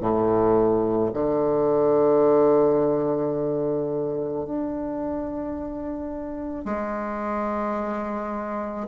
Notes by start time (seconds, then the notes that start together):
0.00 A2
1.13 D3
4.44 D4
6.65 G#3